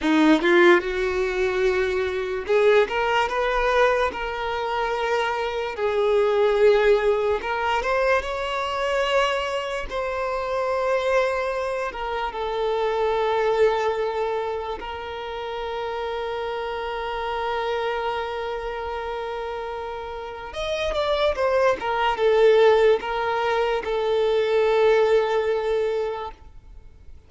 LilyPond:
\new Staff \with { instrumentName = "violin" } { \time 4/4 \tempo 4 = 73 dis'8 f'8 fis'2 gis'8 ais'8 | b'4 ais'2 gis'4~ | gis'4 ais'8 c''8 cis''2 | c''2~ c''8 ais'8 a'4~ |
a'2 ais'2~ | ais'1~ | ais'4 dis''8 d''8 c''8 ais'8 a'4 | ais'4 a'2. | }